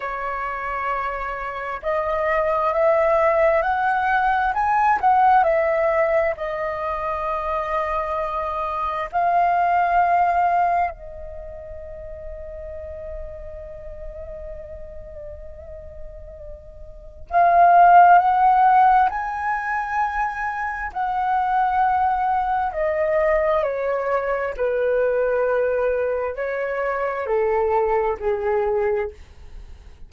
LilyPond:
\new Staff \with { instrumentName = "flute" } { \time 4/4 \tempo 4 = 66 cis''2 dis''4 e''4 | fis''4 gis''8 fis''8 e''4 dis''4~ | dis''2 f''2 | dis''1~ |
dis''2. f''4 | fis''4 gis''2 fis''4~ | fis''4 dis''4 cis''4 b'4~ | b'4 cis''4 a'4 gis'4 | }